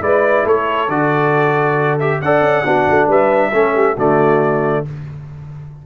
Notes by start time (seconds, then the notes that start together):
0.00 G#3 E4 B4 D5
0.44 A3 A4 C#5
0.88 D3 F#4 D5
1.99 G4 E5
2.21 D4 A4 D5 F#5
2.41 C#4
2.64 B3 D4 F#4
2.90 A3
3.07 G3 B4 E5
3.52 A3 C#4 A4
3.74 G4
3.95 D3 A3 F#4 D5